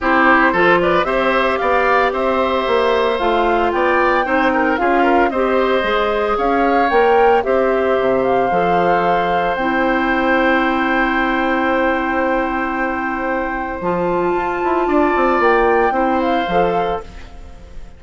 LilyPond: <<
  \new Staff \with { instrumentName = "flute" } { \time 4/4 \tempo 4 = 113 c''4. d''8 e''4 f''4 | e''2 f''4 g''4~ | g''4 f''4 dis''2 | f''4 g''4 e''4. f''8~ |
f''2 g''2~ | g''1~ | g''2 a''2~ | a''4 g''4. f''4. | }
  \new Staff \with { instrumentName = "oboe" } { \time 4/4 g'4 a'8 b'8 c''4 d''4 | c''2. d''4 | c''8 ais'8 gis'8 ais'8 c''2 | cis''2 c''2~ |
c''1~ | c''1~ | c''1 | d''2 c''2 | }
  \new Staff \with { instrumentName = "clarinet" } { \time 4/4 e'4 f'4 g'2~ | g'2 f'2 | dis'4 f'4 g'4 gis'4~ | gis'4 ais'4 g'2 |
a'2 e'2~ | e'1~ | e'2 f'2~ | f'2 e'4 a'4 | }
  \new Staff \with { instrumentName = "bassoon" } { \time 4/4 c'4 f4 c'4 b4 | c'4 ais4 a4 b4 | c'4 cis'4 c'4 gis4 | cis'4 ais4 c'4 c4 |
f2 c'2~ | c'1~ | c'2 f4 f'8 e'8 | d'8 c'8 ais4 c'4 f4 | }
>>